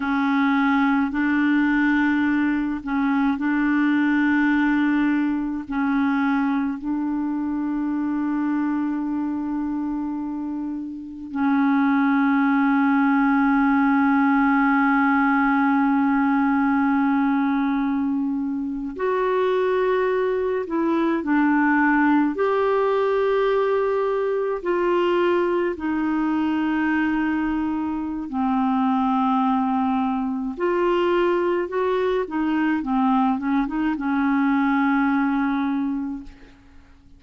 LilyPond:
\new Staff \with { instrumentName = "clarinet" } { \time 4/4 \tempo 4 = 53 cis'4 d'4. cis'8 d'4~ | d'4 cis'4 d'2~ | d'2 cis'2~ | cis'1~ |
cis'8. fis'4. e'8 d'4 g'16~ | g'4.~ g'16 f'4 dis'4~ dis'16~ | dis'4 c'2 f'4 | fis'8 dis'8 c'8 cis'16 dis'16 cis'2 | }